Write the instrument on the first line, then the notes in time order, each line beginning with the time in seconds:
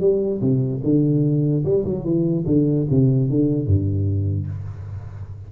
tuba
0.00 G3
0.41 C3
0.83 D3
1.64 G3
1.85 F#3
2.04 E3
2.46 D3
2.90 C3
3.30 D3
3.66 G2